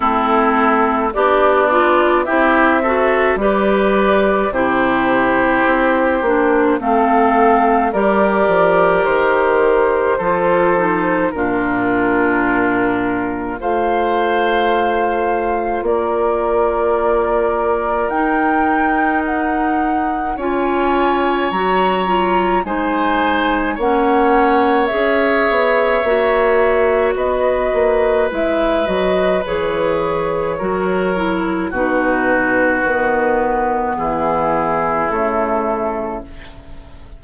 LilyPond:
<<
  \new Staff \with { instrumentName = "flute" } { \time 4/4 \tempo 4 = 53 a'4 d''4 e''4 d''4 | c''2 f''4 d''4 | c''2 ais'2 | f''2 d''2 |
g''4 fis''4 gis''4 ais''4 | gis''4 fis''4 e''2 | dis''4 e''8 dis''8 cis''2 | b'2 gis'4 a'4 | }
  \new Staff \with { instrumentName = "oboe" } { \time 4/4 e'4 d'4 g'8 a'8 b'4 | g'2 a'4 ais'4~ | ais'4 a'4 f'2 | c''2 ais'2~ |
ais'2 cis''2 | c''4 cis''2. | b'2. ais'4 | fis'2 e'2 | }
  \new Staff \with { instrumentName = "clarinet" } { \time 4/4 c'4 g'8 f'8 e'8 fis'8 g'4 | e'4. d'8 c'4 g'4~ | g'4 f'8 dis'8 d'2 | f'1 |
dis'2 f'4 fis'8 f'8 | dis'4 cis'4 gis'4 fis'4~ | fis'4 e'8 fis'8 gis'4 fis'8 e'8 | dis'4 b2 a4 | }
  \new Staff \with { instrumentName = "bassoon" } { \time 4/4 a4 b4 c'4 g4 | c4 c'8 ais8 a4 g8 f8 | dis4 f4 ais,2 | a2 ais2 |
dis'2 cis'4 fis4 | gis4 ais4 cis'8 b8 ais4 | b8 ais8 gis8 fis8 e4 fis4 | b,4 dis4 e4 cis4 | }
>>